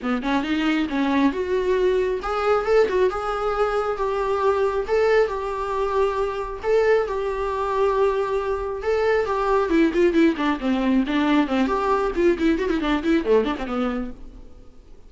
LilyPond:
\new Staff \with { instrumentName = "viola" } { \time 4/4 \tempo 4 = 136 b8 cis'8 dis'4 cis'4 fis'4~ | fis'4 gis'4 a'8 fis'8 gis'4~ | gis'4 g'2 a'4 | g'2. a'4 |
g'1 | a'4 g'4 e'8 f'8 e'8 d'8 | c'4 d'4 c'8 g'4 f'8 | e'8 fis'16 e'16 d'8 e'8 a8 d'16 c'16 b4 | }